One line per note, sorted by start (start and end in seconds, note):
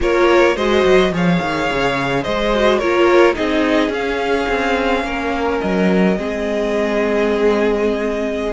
0.00 0.56 A#3
0.00 0.56 F4
0.00 0.55 A#4
0.00 0.57 C#5
0.55 0.84 G#3
0.55 1.12 F#4
0.55 1.11 C5
0.55 1.13 D#5
0.85 1.11 F#3
1.11 1.39 F3
1.11 2.52 G#4
1.11 2.23 C#5
1.11 2.23 F5
1.41 1.69 D#3
1.71 2.25 C#3
2.23 2.81 G#3
2.23 2.78 C5
2.23 2.79 D#5
2.53 2.81 F#4
2.78 3.37 A#3
2.78 3.34 F4
2.78 3.34 A#4
2.78 3.35 C#5
3.34 3.89 C4
3.34 3.90 D#4
3.34 5.04 G#4
3.34 3.91 D#5
3.89 4.45 C#4
3.89 6.16 C#4
3.89 5.60 F5
4.48 5.03 C4
5.03 5.59 A#3
5.03 6.17 A#4
5.60 6.17 F#3
5.60 8.53 D#5
6.16 8.53 G#3
6.16 8.53 C4
6.16 8.53 G#4